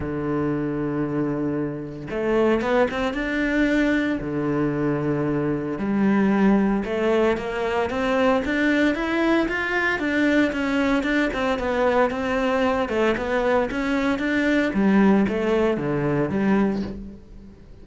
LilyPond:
\new Staff \with { instrumentName = "cello" } { \time 4/4 \tempo 4 = 114 d1 | a4 b8 c'8 d'2 | d2. g4~ | g4 a4 ais4 c'4 |
d'4 e'4 f'4 d'4 | cis'4 d'8 c'8 b4 c'4~ | c'8 a8 b4 cis'4 d'4 | g4 a4 d4 g4 | }